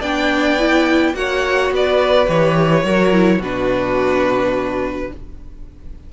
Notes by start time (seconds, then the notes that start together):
0.00 B3 D4 D5 G5
0.59 E4
1.14 A#3 F#4 C#5 F#5
1.71 B3 B4 D5
2.25 E3 G4 C#5
2.84 F#3 F#4 A#4
3.12 E4
3.38 B2 D4 F#4 B4